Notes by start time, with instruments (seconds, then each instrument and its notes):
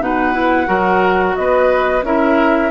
0.00 bassoon B2, clarinet D#4, oboe B4, flute F#5
0.32 clarinet E4
0.66 bassoon F#3, clarinet F#4, oboe A#4
1.35 bassoon B3, oboe B4, flute D#5
2.02 bassoon C#4, clarinet E4, oboe A#4, flute E5